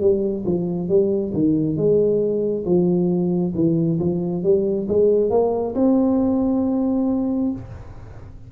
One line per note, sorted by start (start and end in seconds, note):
0.00 0.44 G3
0.45 0.89 F3
0.89 1.33 G3
1.33 1.76 D#3
1.76 2.65 G#3
2.66 3.54 F3
3.55 3.99 E3
3.99 4.43 F3
4.43 4.87 G3
4.88 5.30 G#3
5.30 5.74 A#3
5.75 7.52 C4